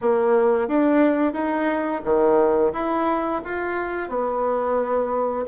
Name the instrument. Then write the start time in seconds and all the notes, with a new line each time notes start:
bassoon
0.01 A#3
0.68 D4
1.33 D#4
2.04 D#3
2.72 E4
3.44 F4
4.08 B3